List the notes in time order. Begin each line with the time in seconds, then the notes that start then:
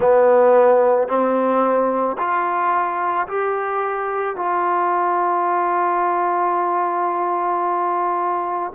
0.00 B3
1.08 C4
2.18 F4
3.27 G4
4.36 F4